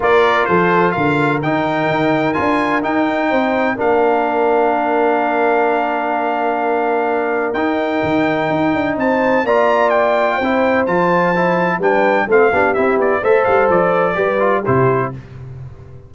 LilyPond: <<
  \new Staff \with { instrumentName = "trumpet" } { \time 4/4 \tempo 4 = 127 d''4 c''4 f''4 g''4~ | g''4 gis''4 g''2 | f''1~ | f''1 |
g''2. a''4 | ais''4 g''2 a''4~ | a''4 g''4 f''4 e''8 d''8 | e''8 f''8 d''2 c''4 | }
  \new Staff \with { instrumentName = "horn" } { \time 4/4 ais'4 a'4 ais'2~ | ais'2. c''4 | ais'1~ | ais'1~ |
ais'2. c''4 | d''2 c''2~ | c''4 b'4 a'8 g'4. | c''2 b'4 g'4 | }
  \new Staff \with { instrumentName = "trombone" } { \time 4/4 f'2. dis'4~ | dis'4 f'4 dis'2 | d'1~ | d'1 |
dis'1 | f'2 e'4 f'4 | e'4 d'4 c'8 d'8 e'4 | a'2 g'8 f'8 e'4 | }
  \new Staff \with { instrumentName = "tuba" } { \time 4/4 ais4 f4 d4 dis4 | dis'4 d'4 dis'4 c'4 | ais1~ | ais1 |
dis'4 dis4 dis'8 d'8 c'4 | ais2 c'4 f4~ | f4 g4 a8 b8 c'8 b8 | a8 g8 f4 g4 c4 | }
>>